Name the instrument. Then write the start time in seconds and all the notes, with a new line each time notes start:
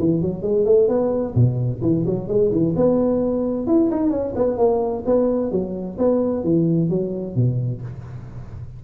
tuba
0.00 E3
0.22 F#3
0.43 G#3
0.66 A3
0.89 B3
1.35 B2
1.82 E3
2.07 F#3
2.28 G#3
2.52 E3
2.77 B3
3.67 E4
3.91 D#4
4.11 C#4
4.36 B3
4.58 A#3
5.06 B3
5.52 F#3
5.99 B3
6.44 E3
6.90 F#3
7.36 B2